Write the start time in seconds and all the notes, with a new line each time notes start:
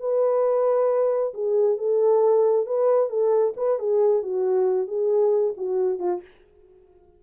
0.00 B4
1.34 G#4
1.78 A4
2.66 B4
3.09 A4
3.57 B4
3.79 G#4
4.23 F#4
4.87 G#4
5.57 F#4
5.99 F4